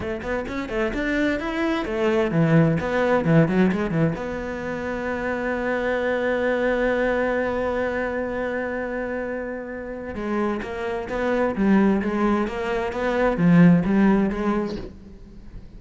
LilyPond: \new Staff \with { instrumentName = "cello" } { \time 4/4 \tempo 4 = 130 a8 b8 cis'8 a8 d'4 e'4 | a4 e4 b4 e8 fis8 | gis8 e8 b2.~ | b1~ |
b1~ | b2 gis4 ais4 | b4 g4 gis4 ais4 | b4 f4 g4 gis4 | }